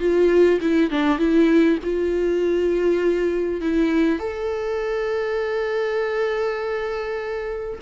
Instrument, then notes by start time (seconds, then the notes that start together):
viola
0.00 F4
0.61 E4
0.91 D4
1.19 E4
1.84 F4
3.61 E4
4.19 A4